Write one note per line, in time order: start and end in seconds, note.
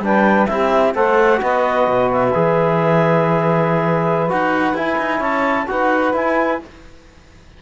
0.00 0.46 G3
0.00 0.49 D4
0.00 0.49 B4
0.00 0.46 G5
0.46 0.95 C4
0.46 0.95 E4
0.46 0.94 G4
0.46 0.93 E5
0.94 1.41 A3
0.94 1.37 A4
0.94 1.40 C5
0.94 1.42 F#5
1.37 1.87 B3
1.37 2.29 F#4
1.37 5.18 B4
1.37 2.11 D#5
1.87 2.34 B2
2.12 4.31 E5
2.34 4.31 E3
2.34 4.29 G#4
4.29 4.74 D#4
4.29 4.75 F#4
4.29 4.77 F#5
4.74 4.97 E4
4.74 5.67 E4
4.74 5.22 G#5
4.98 5.20 D#4
5.18 5.66 C#4
5.18 5.65 C#5
5.18 5.67 A5
5.67 6.14 D#4
5.67 6.13 F#4
5.67 6.62 B4
5.67 6.13 F#5
6.13 6.59 E4
6.13 6.60 E4
6.13 6.62 G#5